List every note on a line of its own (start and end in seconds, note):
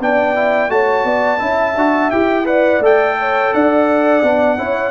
0.00 0.69 B3
0.00 0.35 D4
0.00 0.73 D5
0.00 0.71 G5
0.35 0.69 E4
0.69 1.04 A3
0.69 1.38 F#4
0.69 1.06 C#5
0.69 2.11 A5
1.04 1.40 B3
1.04 1.39 D5
1.38 1.75 C#4
1.38 1.74 E4
1.38 2.45 E5
1.75 2.11 D4
1.75 2.12 F#4
2.11 2.79 E4
2.11 2.45 G4
2.11 2.46 G5
2.45 2.80 B4
2.45 3.17 D5
2.45 2.82 F#5
2.79 3.50 A3
2.79 4.23 A4
2.79 3.54 G5
3.19 3.53 C#5
3.53 4.22 D4
3.53 4.59 D5
3.53 4.91 F#5
4.22 4.58 B3
4.22 4.57 D4
4.57 4.91 C#4
4.57 4.91 E4
4.57 4.91 C#5